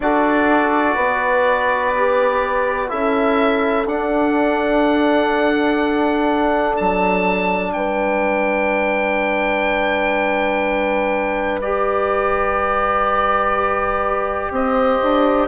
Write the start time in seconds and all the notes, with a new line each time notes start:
0.00 D4 F#4 A4 D5
0.95 B3 B4
1.95 G4
2.88 C#4 E4 A4 E5
3.86 D4 F#5
6.76 F#3 A5
7.72 G3 B4 G5
11.61 G4 D5
14.50 C4 C5 D#5
15.02 D4